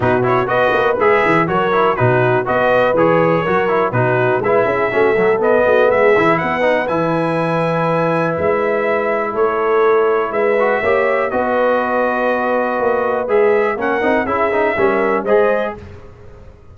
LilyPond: <<
  \new Staff \with { instrumentName = "trumpet" } { \time 4/4 \tempo 4 = 122 b'8 cis''8 dis''4 e''4 cis''4 | b'4 dis''4 cis''2 | b'4 e''2 dis''4 | e''4 fis''4 gis''2~ |
gis''4 e''2 cis''4~ | cis''4 e''2 dis''4~ | dis''2. e''4 | fis''4 e''2 dis''4 | }
  \new Staff \with { instrumentName = "horn" } { \time 4/4 fis'4 b'2 ais'4 | fis'4 b'2 ais'4 | fis'4 b'8 gis'8 fis'8 a'4 fis'8 | gis'4 b'2.~ |
b'2. a'4~ | a'4 b'4 cis''4 b'4~ | b'1 | ais'4 gis'4 ais'4 c''4 | }
  \new Staff \with { instrumentName = "trombone" } { \time 4/4 dis'8 e'8 fis'4 gis'4 fis'8 e'8 | dis'4 fis'4 gis'4 fis'8 e'8 | dis'4 e'4 cis'8 fis8 b4~ | b8 e'4 dis'8 e'2~ |
e'1~ | e'4. fis'8 g'4 fis'4~ | fis'2. gis'4 | cis'8 dis'8 e'8 dis'8 cis'4 gis'4 | }
  \new Staff \with { instrumentName = "tuba" } { \time 4/4 b,4 b8 ais8 gis8 e8 fis4 | b,4 b4 e4 fis4 | b,4 gis8 cis'8 a4 b8 a8 | gis8 e8 b4 e2~ |
e4 gis2 a4~ | a4 gis4 ais4 b4~ | b2 ais4 gis4 | ais8 c'8 cis'4 g4 gis4 | }
>>